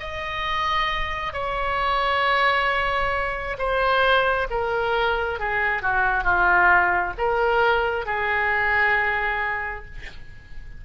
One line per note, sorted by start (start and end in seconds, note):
0.00 1.33 D#5
1.33 3.57 C#5
3.58 4.48 C5
4.50 5.39 A#4
5.39 5.82 G#4
5.82 6.24 F#4
6.24 7.13 F4
7.18 8.06 A#4
8.06 9.85 G#4